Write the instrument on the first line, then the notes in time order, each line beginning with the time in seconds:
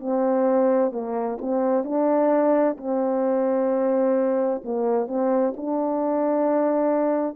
horn
0.00 C4
0.92 A#3
1.41 C4
1.84 D4
2.78 C4
4.64 A#3
5.08 C4
5.56 D4